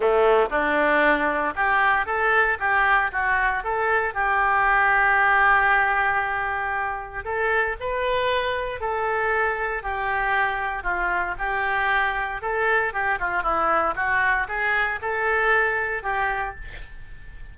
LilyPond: \new Staff \with { instrumentName = "oboe" } { \time 4/4 \tempo 4 = 116 a4 d'2 g'4 | a'4 g'4 fis'4 a'4 | g'1~ | g'2 a'4 b'4~ |
b'4 a'2 g'4~ | g'4 f'4 g'2 | a'4 g'8 f'8 e'4 fis'4 | gis'4 a'2 g'4 | }